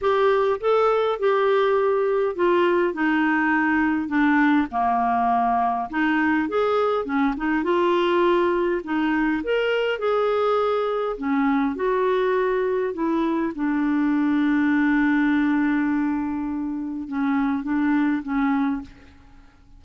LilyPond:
\new Staff \with { instrumentName = "clarinet" } { \time 4/4 \tempo 4 = 102 g'4 a'4 g'2 | f'4 dis'2 d'4 | ais2 dis'4 gis'4 | cis'8 dis'8 f'2 dis'4 |
ais'4 gis'2 cis'4 | fis'2 e'4 d'4~ | d'1~ | d'4 cis'4 d'4 cis'4 | }